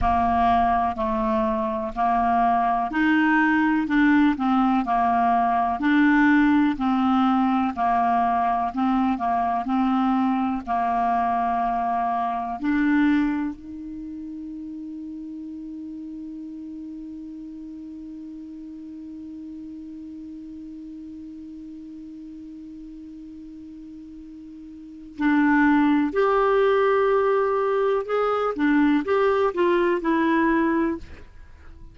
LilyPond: \new Staff \with { instrumentName = "clarinet" } { \time 4/4 \tempo 4 = 62 ais4 a4 ais4 dis'4 | d'8 c'8 ais4 d'4 c'4 | ais4 c'8 ais8 c'4 ais4~ | ais4 d'4 dis'2~ |
dis'1~ | dis'1~ | dis'2 d'4 g'4~ | g'4 gis'8 d'8 g'8 f'8 e'4 | }